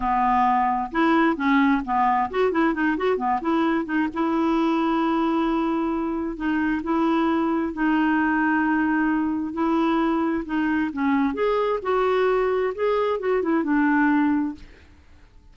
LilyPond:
\new Staff \with { instrumentName = "clarinet" } { \time 4/4 \tempo 4 = 132 b2 e'4 cis'4 | b4 fis'8 e'8 dis'8 fis'8 b8 e'8~ | e'8 dis'8 e'2.~ | e'2 dis'4 e'4~ |
e'4 dis'2.~ | dis'4 e'2 dis'4 | cis'4 gis'4 fis'2 | gis'4 fis'8 e'8 d'2 | }